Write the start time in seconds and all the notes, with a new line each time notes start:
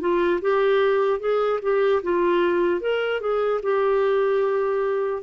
0.00 F4
0.41 G4
1.20 G#4
1.62 G4
2.03 F4
2.81 A#4
3.20 G#4
3.63 G4